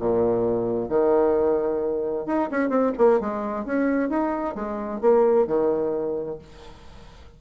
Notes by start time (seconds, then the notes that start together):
0.00 A#2
0.90 D#3
2.27 D#4
2.51 C#4
2.70 C4
2.98 A#3
3.21 G#3
3.66 C#4
4.10 D#4
4.56 G#3
5.02 A#3
5.48 D#3